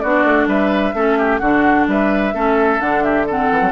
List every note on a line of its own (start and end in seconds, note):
0.00 0.24 B3
0.00 0.95 D4
0.00 0.49 F#4
0.00 0.47 D5
0.24 0.47 A3
0.47 0.94 G3
0.47 0.95 B4
0.47 1.38 E5
0.94 1.41 A3
0.94 1.41 C#4
0.94 1.18 A4
1.18 1.41 G4
1.38 1.87 D3
1.38 2.34 D4
1.38 1.87 F#4
1.38 1.85 F#5
1.87 2.34 G3
1.87 2.34 B4
1.87 2.81 E5
2.34 2.80 A3
2.34 2.80 C#4
2.34 3.04 A4
2.80 3.51 D3
2.80 3.26 D4
2.80 3.03 F#5
3.03 3.27 G4
3.03 3.27 E5
3.27 3.72 C4
3.27 3.72 A4
3.27 3.72 F#5
3.52 3.61 E3
3.61 3.72 F#3